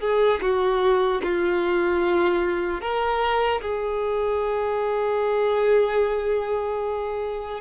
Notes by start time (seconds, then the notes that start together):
0.00 G#4
0.41 F#4
1.23 F4
2.81 A#4
3.61 G#4